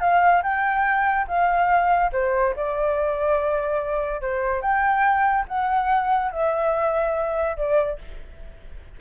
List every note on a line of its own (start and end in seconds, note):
0.00 0.42 F5
0.43 1.27 G5
1.27 2.11 F5
2.12 2.54 C5
2.56 4.21 D5
4.21 4.61 C5
4.61 5.45 G5
5.48 6.31 F#5
6.31 7.57 E5
7.57 7.99 D5